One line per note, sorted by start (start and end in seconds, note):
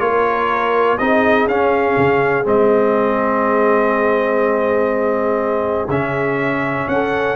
0.00 0.99 A#3
0.00 0.98 F4
0.00 1.02 A#4
0.00 0.98 C#5
0.98 1.47 C4
0.98 1.50 D#4
0.98 6.93 G#4
0.98 1.48 D#5
1.47 1.96 C#4
1.47 2.44 C#4
1.47 2.47 F5
1.97 2.46 C#3
2.44 5.88 G#3
2.44 5.89 C4
2.44 5.90 D#5
5.88 6.87 C#3
5.88 7.36 C#4
5.88 6.89 E5
6.88 7.36 C#4
6.88 7.36 A4
6.88 7.36 F#5